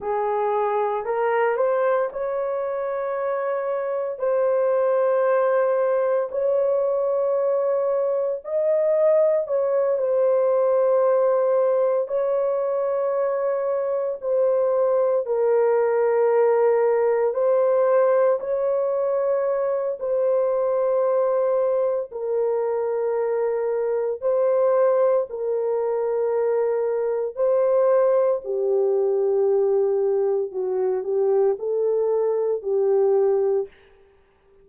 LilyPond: \new Staff \with { instrumentName = "horn" } { \time 4/4 \tempo 4 = 57 gis'4 ais'8 c''8 cis''2 | c''2 cis''2 | dis''4 cis''8 c''2 cis''8~ | cis''4. c''4 ais'4.~ |
ais'8 c''4 cis''4. c''4~ | c''4 ais'2 c''4 | ais'2 c''4 g'4~ | g'4 fis'8 g'8 a'4 g'4 | }